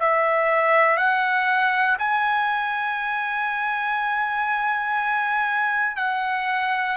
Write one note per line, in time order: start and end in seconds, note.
0.00 0.97 E5
0.97 1.97 F#5
1.98 5.97 G#5
5.97 6.96 F#5